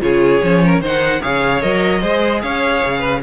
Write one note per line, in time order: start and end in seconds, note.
0.00 0.41 C#3
0.00 0.40 F4
0.00 0.64 G#4
0.00 0.82 C#5
0.42 0.80 F3
0.42 0.82 C#4
0.65 0.81 A#4
0.80 1.20 D#3
0.80 1.21 D#4
0.80 1.21 C5
0.80 1.22 F#5
1.21 1.63 C#3
1.21 1.61 G#4
1.21 2.01 C#5
1.21 1.61 F5
1.61 2.02 F#3
1.61 2.01 A#4
1.61 2.41 D#5
2.01 2.42 G#3
2.01 3.22 G#4
2.01 2.41 C5
2.41 2.83 C#4
2.41 2.99 C#5
2.41 3.22 F5
2.84 3.22 C#3
2.99 3.19 B4